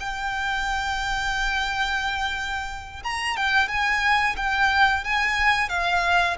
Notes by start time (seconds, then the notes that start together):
0.00 G5
3.04 A#5
3.37 G5
3.69 G#5
4.37 G5
5.05 G#5
5.69 F5